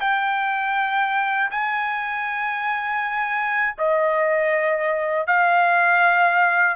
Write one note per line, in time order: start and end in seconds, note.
0.00 1.50 G5
1.50 3.75 G#5
3.78 5.26 D#5
5.26 6.76 F5